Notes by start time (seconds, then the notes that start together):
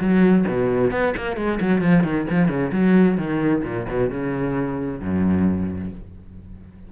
0.00 F#3
0.48 B2
0.91 B3
1.17 A#3
1.36 G#3
1.60 F#3
1.81 F3
2.04 D#3
2.30 F3
2.48 C#3
2.72 F#3
3.18 D#3
3.64 A#2
3.89 B2
4.10 C#3
5.01 F#2